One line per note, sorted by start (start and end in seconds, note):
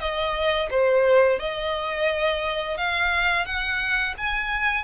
0.00 0.69 D#5
0.71 1.39 C5
1.39 2.77 D#5
2.77 3.45 F5
3.45 4.14 F#5
4.18 4.84 G#5